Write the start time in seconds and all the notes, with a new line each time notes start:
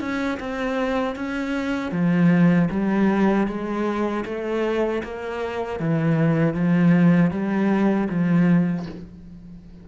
0.00 C#4
0.40 C4
1.16 C#4
1.92 F3
2.71 G3
3.48 G#3
4.26 A3
5.04 A#3
5.80 E3
6.54 F3
7.31 G3
8.09 F3